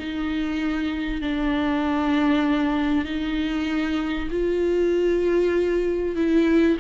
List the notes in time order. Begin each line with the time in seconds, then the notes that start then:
0.00 D#4
1.22 D4
3.05 D#4
4.31 F4
6.16 E4